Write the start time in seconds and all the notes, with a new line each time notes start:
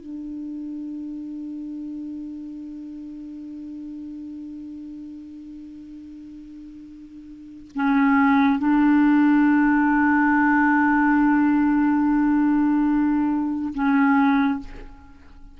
0.00 D4
7.75 C#4
8.59 D4
13.74 C#4